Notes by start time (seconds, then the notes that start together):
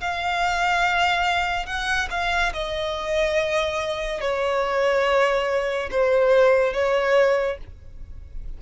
0.00 F5
1.66 F#5
2.10 F5
2.53 D#5
4.20 C#5
5.90 C5
6.73 C#5